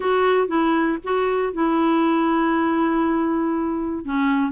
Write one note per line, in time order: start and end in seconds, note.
0.00 0.47 F#4
0.47 0.98 E4
1.03 1.53 F#4
1.53 4.04 E4
4.04 4.51 C#4